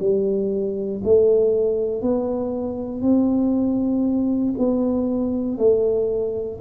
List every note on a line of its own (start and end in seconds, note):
0.00 1.02 G3
1.04 2.02 A3
2.02 3.02 B3
3.02 4.54 C4
4.58 5.58 B3
5.58 6.60 A3